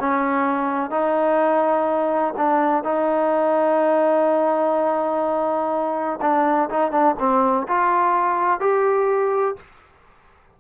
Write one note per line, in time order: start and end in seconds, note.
0.00 0.91 C#4
0.91 2.35 D#4
2.37 2.84 D4
2.84 6.20 D#4
6.22 6.70 D4
6.70 6.92 D#4
6.92 7.16 D4
7.19 7.67 C4
7.68 8.60 F4
8.60 9.56 G4